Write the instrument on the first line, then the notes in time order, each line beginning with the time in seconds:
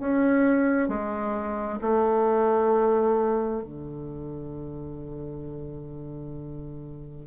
bassoon
0.00 C#4
0.88 G#3
1.81 A3
3.63 D3